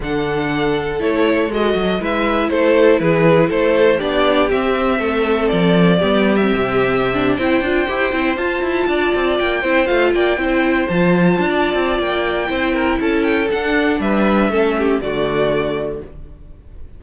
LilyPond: <<
  \new Staff \with { instrumentName = "violin" } { \time 4/4 \tempo 4 = 120 fis''2 cis''4 dis''4 | e''4 c''4 b'4 c''4 | d''4 e''2 d''4~ | d''8. e''2 g''4~ g''16~ |
g''8. a''2 g''4 f''16~ | f''16 g''4. a''2~ a''16 | g''2 a''8 g''8 fis''4 | e''2 d''2 | }
  \new Staff \with { instrumentName = "violin" } { \time 4/4 a'1 | b'4 a'4 gis'4 a'4 | g'2 a'2 | g'2~ g'8. c''4~ c''16~ |
c''4.~ c''16 d''4. c''8.~ | c''16 d''8 c''2~ c''16 d''4~ | d''4 c''8 ais'8 a'2 | b'4 a'8 g'8 fis'2 | }
  \new Staff \with { instrumentName = "viola" } { \time 4/4 d'2 e'4 fis'4 | e'1 | d'4 c'2. | b8. c'4. d'8 e'8 f'8 g'16~ |
g'16 e'8 f'2~ f'8 e'8 f'16~ | f'8. e'4 f'2~ f'16~ | f'4 e'2 d'4~ | d'4 cis'4 a2 | }
  \new Staff \with { instrumentName = "cello" } { \time 4/4 d2 a4 gis8 fis8 | gis4 a4 e4 a4 | b4 c'4 a4 f4 | g4 c4.~ c16 c'8 d'8 e'16~ |
e'16 c'8 f'8 e'8 d'8 c'8 ais8 c'8 a16~ | a16 ais8 c'4 f4 d'8. c'8 | ais4 c'4 cis'4 d'4 | g4 a4 d2 | }
>>